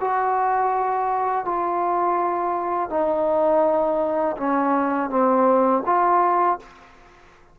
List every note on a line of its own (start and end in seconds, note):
0.00 1.44 F#4
1.44 2.89 F4
2.89 4.36 D#4
4.37 5.10 C#4
5.10 5.83 C4
5.85 6.59 F4